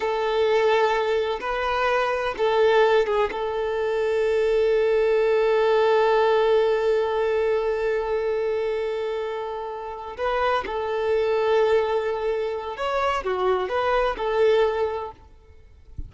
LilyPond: \new Staff \with { instrumentName = "violin" } { \time 4/4 \tempo 4 = 127 a'2. b'4~ | b'4 a'4. gis'8 a'4~ | a'1~ | a'1~ |
a'1~ | a'4. b'4 a'4.~ | a'2. cis''4 | fis'4 b'4 a'2 | }